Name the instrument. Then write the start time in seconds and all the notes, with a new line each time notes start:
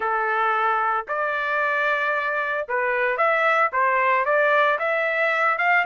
trumpet
0.00 A4
1.08 D5
2.68 B4
3.17 E5
3.72 C5
4.25 D5
4.78 E5
5.58 F5